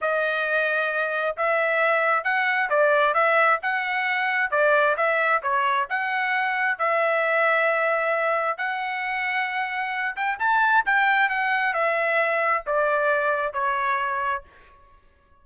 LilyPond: \new Staff \with { instrumentName = "trumpet" } { \time 4/4 \tempo 4 = 133 dis''2. e''4~ | e''4 fis''4 d''4 e''4 | fis''2 d''4 e''4 | cis''4 fis''2 e''4~ |
e''2. fis''4~ | fis''2~ fis''8 g''8 a''4 | g''4 fis''4 e''2 | d''2 cis''2 | }